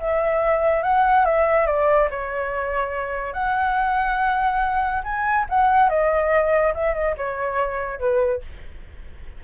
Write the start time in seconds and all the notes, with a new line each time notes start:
0.00 E5
0.83 F#5
1.26 E5
1.67 D5
2.11 C#5
3.34 F#5
5.04 G#5
5.49 F#5
5.90 D#5
6.75 E5
6.94 D#5
7.18 C#5
8.00 B4